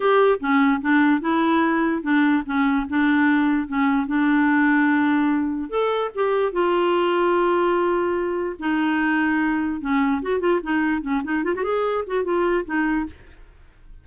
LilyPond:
\new Staff \with { instrumentName = "clarinet" } { \time 4/4 \tempo 4 = 147 g'4 cis'4 d'4 e'4~ | e'4 d'4 cis'4 d'4~ | d'4 cis'4 d'2~ | d'2 a'4 g'4 |
f'1~ | f'4 dis'2. | cis'4 fis'8 f'8 dis'4 cis'8 dis'8 | f'16 fis'16 gis'4 fis'8 f'4 dis'4 | }